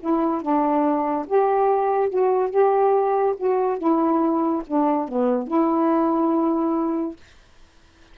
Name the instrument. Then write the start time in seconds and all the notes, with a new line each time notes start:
saxophone
0.00 E4
0.42 D4
1.28 G4
2.10 F#4
2.51 G4
3.38 F#4
3.79 E4
4.67 D4
5.09 B3
5.48 E4